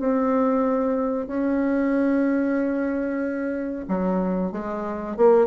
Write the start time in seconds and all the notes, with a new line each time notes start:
0.00 C4
1.27 C#4
3.89 F#3
4.52 G#3
5.17 A#3